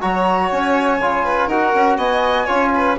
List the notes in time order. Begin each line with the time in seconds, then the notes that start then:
0.00 F#3 F#4 C#5 A#5
0.51 C#4 G#5
1.00 C#3 F4
1.24 B4
1.47 D#4 F#4 A#4 F#5
1.75 C#4
1.97 B3 D#5 G#5
2.45 C#4 F4 C#5
2.74 B4